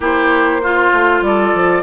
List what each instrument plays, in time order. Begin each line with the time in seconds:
0.00 bassoon A#3, clarinet E4, oboe G4, flute C5
0.62 oboe F4, clarinet F4
0.92 bassoon A3
1.21 bassoon G3, oboe A4, flute D5
1.54 bassoon F3